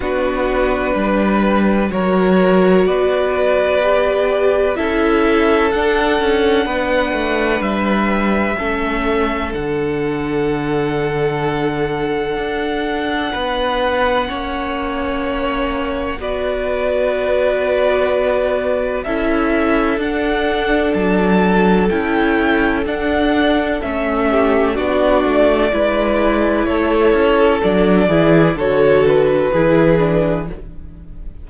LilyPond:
<<
  \new Staff \with { instrumentName = "violin" } { \time 4/4 \tempo 4 = 63 b'2 cis''4 d''4~ | d''4 e''4 fis''2 | e''2 fis''2~ | fis''1~ |
fis''4 d''2. | e''4 fis''4 a''4 g''4 | fis''4 e''4 d''2 | cis''4 d''4 cis''8 b'4. | }
  \new Staff \with { instrumentName = "violin" } { \time 4/4 fis'4 b'4 ais'4 b'4~ | b'4 a'2 b'4~ | b'4 a'2.~ | a'2 b'4 cis''4~ |
cis''4 b'2. | a'1~ | a'4. g'8 fis'4 b'4 | a'4. gis'8 a'4 gis'4 | }
  \new Staff \with { instrumentName = "viola" } { \time 4/4 d'2 fis'2 | g'4 e'4 d'2~ | d'4 cis'4 d'2~ | d'2. cis'4~ |
cis'4 fis'2. | e'4 d'2 e'4 | d'4 cis'4 d'4 e'4~ | e'4 d'8 e'8 fis'4 e'8 d'8 | }
  \new Staff \with { instrumentName = "cello" } { \time 4/4 b4 g4 fis4 b4~ | b4 cis'4 d'8 cis'8 b8 a8 | g4 a4 d2~ | d4 d'4 b4 ais4~ |
ais4 b2. | cis'4 d'4 fis4 cis'4 | d'4 a4 b8 a8 gis4 | a8 cis'8 fis8 e8 d4 e4 | }
>>